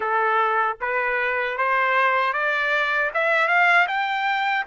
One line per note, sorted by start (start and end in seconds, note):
0.00 0.77 A4
0.80 1.57 B4
1.57 2.33 C5
2.33 3.11 D5
3.13 3.47 E5
3.47 3.86 F5
3.87 4.65 G5